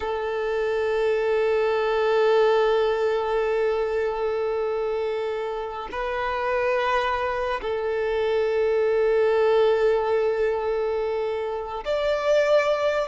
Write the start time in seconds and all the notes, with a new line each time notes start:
0.00 A4
5.92 B4
7.61 A4
11.84 D5